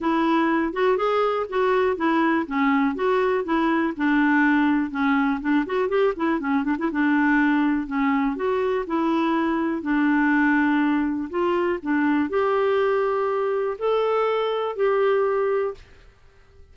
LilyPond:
\new Staff \with { instrumentName = "clarinet" } { \time 4/4 \tempo 4 = 122 e'4. fis'8 gis'4 fis'4 | e'4 cis'4 fis'4 e'4 | d'2 cis'4 d'8 fis'8 | g'8 e'8 cis'8 d'16 e'16 d'2 |
cis'4 fis'4 e'2 | d'2. f'4 | d'4 g'2. | a'2 g'2 | }